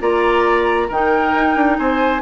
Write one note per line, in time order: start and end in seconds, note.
0.00 0.90 A#3
0.00 0.89 F4
0.00 0.88 D5
0.00 0.90 A#5
0.88 1.34 D#3
0.88 2.22 D#4
0.88 1.77 A#4
0.88 1.78 G5
1.35 1.56 D#4
1.56 1.78 D4
1.78 2.22 C4
1.78 2.22 C5
1.78 2.22 G#5